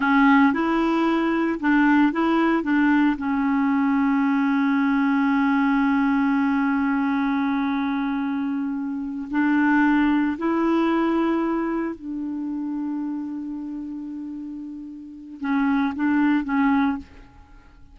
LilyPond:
\new Staff \with { instrumentName = "clarinet" } { \time 4/4 \tempo 4 = 113 cis'4 e'2 d'4 | e'4 d'4 cis'2~ | cis'1~ | cis'1~ |
cis'4. d'2 e'8~ | e'2~ e'8 d'4.~ | d'1~ | d'4 cis'4 d'4 cis'4 | }